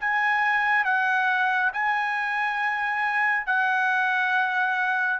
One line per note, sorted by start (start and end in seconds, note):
0.00 0.85 G#5
0.85 1.72 F#5
1.73 3.46 G#5
3.46 5.20 F#5